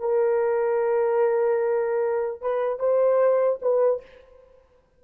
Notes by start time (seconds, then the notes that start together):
0.00 A#4
2.42 B4
2.80 C5
3.62 B4